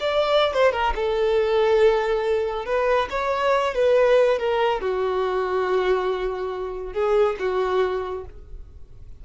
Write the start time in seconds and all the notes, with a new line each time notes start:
0.00 D5
0.54 C5
0.72 A#4
0.95 A4
2.66 B4
3.10 C#5
3.74 B4
4.39 A#4
4.81 F#4
6.93 G#4
7.39 F#4